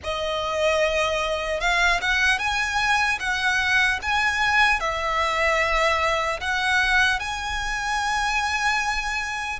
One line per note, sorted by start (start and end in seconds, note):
0.03 1.60 D#5
1.60 2.00 F5
2.01 2.39 F#5
2.39 3.19 G#5
3.19 3.99 F#5
4.02 4.80 G#5
4.80 6.40 E5
6.40 7.19 F#5
7.19 9.59 G#5